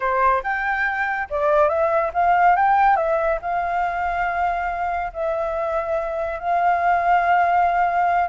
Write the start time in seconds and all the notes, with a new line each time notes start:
0.00 C5
0.43 G5
1.30 D5
1.68 E5
2.13 F5
2.56 G5
2.96 E5
3.41 F5
5.13 E5
6.39 F5